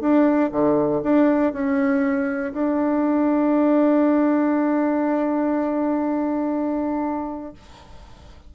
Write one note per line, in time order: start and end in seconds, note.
0.00 0.50 D4
0.51 1.01 D3
1.03 1.53 D4
1.53 2.53 C#4
2.53 7.53 D4